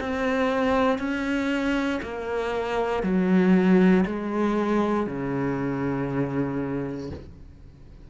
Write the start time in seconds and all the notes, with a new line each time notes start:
0.00 C4
0.98 C#4
2.02 A#3
3.03 F#3
4.05 G#3
5.07 C#3